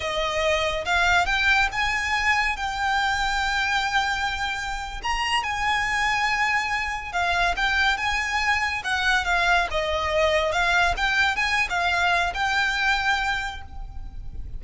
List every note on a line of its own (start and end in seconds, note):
0.00 0.85 D#5
0.85 1.26 F5
1.26 1.68 G5
1.72 2.56 G#5
2.56 5.01 G5
5.03 5.43 A#5
5.43 7.12 G#5
7.12 7.54 F5
7.56 7.97 G5
7.97 8.82 G#5
8.84 9.25 F#5
9.25 9.67 F5
9.71 10.51 D#5
10.51 10.94 F5
10.97 11.36 G5
11.36 11.68 G#5
11.69 12.33 F5
12.34 13.61 G5